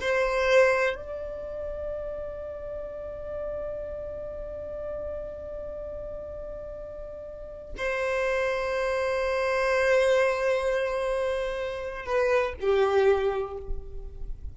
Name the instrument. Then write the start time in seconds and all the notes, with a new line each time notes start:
violin
0.00 C5
0.96 D5
7.77 C5
12.05 B4
12.60 G4